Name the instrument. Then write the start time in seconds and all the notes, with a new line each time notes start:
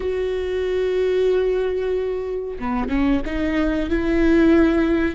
viola
0.00 F#4
2.59 B3
2.89 C#4
3.25 D#4
3.89 E4